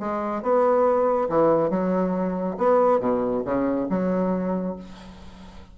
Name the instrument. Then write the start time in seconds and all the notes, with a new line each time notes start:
bassoon
0.00 G#3
0.43 B3
1.30 E3
1.71 F#3
2.58 B3
3.01 B2
3.45 C#3
3.90 F#3